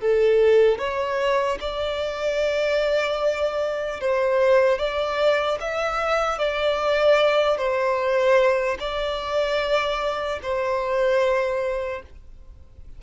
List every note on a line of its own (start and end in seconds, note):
0.00 0.78 A4
0.78 1.58 C#5
1.60 4.00 D5
4.00 4.78 C5
4.78 5.58 D5
5.60 6.38 E5
6.38 7.57 D5
7.57 8.77 C5
8.79 10.39 D5
10.42 12.02 C5